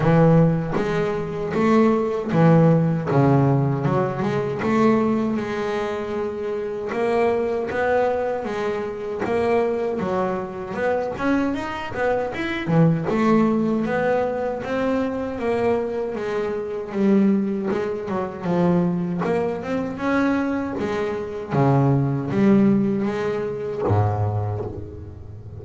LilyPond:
\new Staff \with { instrumentName = "double bass" } { \time 4/4 \tempo 4 = 78 e4 gis4 a4 e4 | cis4 fis8 gis8 a4 gis4~ | gis4 ais4 b4 gis4 | ais4 fis4 b8 cis'8 dis'8 b8 |
e'8 e8 a4 b4 c'4 | ais4 gis4 g4 gis8 fis8 | f4 ais8 c'8 cis'4 gis4 | cis4 g4 gis4 gis,4 | }